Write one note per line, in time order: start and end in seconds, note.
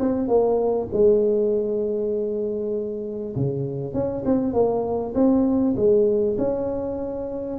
0.00 0.28 C4
0.28 0.89 A#3
0.93 3.36 G#3
3.36 3.94 C#3
3.94 4.24 C#4
4.25 4.53 C4
4.53 5.14 A#3
5.15 5.75 C4
5.77 6.37 G#3
6.38 7.60 C#4